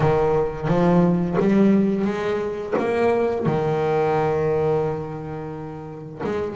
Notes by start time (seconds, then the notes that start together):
0.00 D#3
0.67 F3
1.39 G3
2.05 G#3
2.78 A#3
3.45 D#3
6.23 G#3